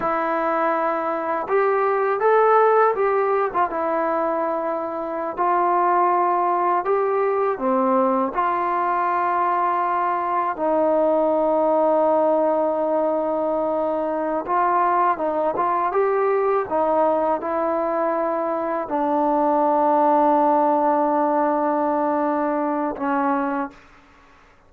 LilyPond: \new Staff \with { instrumentName = "trombone" } { \time 4/4 \tempo 4 = 81 e'2 g'4 a'4 | g'8. f'16 e'2~ e'16 f'8.~ | f'4~ f'16 g'4 c'4 f'8.~ | f'2~ f'16 dis'4.~ dis'16~ |
dis'2.~ dis'8 f'8~ | f'8 dis'8 f'8 g'4 dis'4 e'8~ | e'4. d'2~ d'8~ | d'2. cis'4 | }